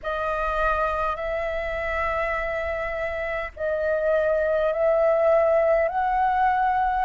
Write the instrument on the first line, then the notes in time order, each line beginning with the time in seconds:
flute
0.02 D#5
1.16 E5
3.56 D#5
4.73 E5
5.88 F#5